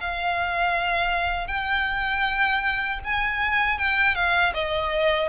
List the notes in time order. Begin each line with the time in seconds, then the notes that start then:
0.00 F5
1.47 G5
3.04 G#5
3.78 G5
4.15 F5
4.54 D#5